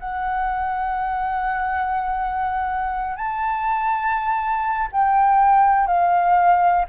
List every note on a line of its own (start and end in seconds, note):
0.00 3.17 F#5
3.17 4.89 A5
4.92 5.87 G5
5.87 6.85 F5